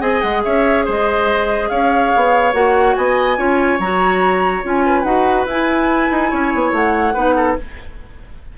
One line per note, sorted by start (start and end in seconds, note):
0.00 0.22 C4
0.00 2.52 G#4
0.00 0.42 D#5
0.00 0.21 G#5
0.21 0.44 G#3
0.21 0.42 F#5
0.43 0.88 C#4
0.43 0.85 C#5
0.43 0.85 E5
0.85 1.70 G#3
0.85 1.69 C5
0.85 1.69 D#5
1.69 2.12 C#4
1.69 2.96 C#5
1.69 2.53 F5
2.15 2.53 B3
2.53 2.95 A#3
2.53 3.36 F#4
2.53 2.95 F#5
2.95 3.38 B3
2.95 3.37 D#5
2.95 3.79 G#5
3.36 3.79 C#4
3.36 3.78 F4
3.36 4.84 C#5
3.79 4.63 F#3
3.79 4.63 F#4
3.79 4.64 A#5
4.63 5.04 C#4
4.63 5.04 F4
4.63 5.03 G#5
4.86 6.30 B4
5.03 5.46 D#4
5.03 5.46 F#4
5.03 5.45 F#5
5.46 6.09 E4
5.46 7.15 E4
5.46 6.73 G#5
6.11 6.32 D#4
6.30 6.54 C#4
6.30 7.13 C#5
6.54 6.72 B3
6.72 7.14 A3
6.72 7.57 F#5
7.13 7.57 B3
7.13 7.57 D#4
7.13 7.34 B4
7.36 7.57 A4